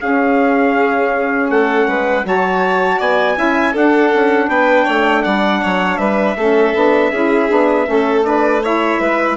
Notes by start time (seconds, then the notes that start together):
0.00 C#4 G#4 F5
1.50 A3 A4 F#5
1.87 G#3 B4
2.24 F#3 F#4 C#5 A5
2.99 B3 D5 G#5
3.35 C#4 E4 E5
3.72 D4 A4 F#5
4.14 C#4
4.48 B3 B4 G5
4.85 A3 C#5
5.22 G3 D5 F#5
5.62 F#3 C#5
5.98 G3 B4 E5
6.36 A3 C#4 A4
6.74 B3 D4
7.12 C#4 E4 G#4
7.49 B3 D4
7.86 A3 C#4 A4
8.24 D4 B4 D5
8.63 E4 C#5 E5
9.00 G#3 B4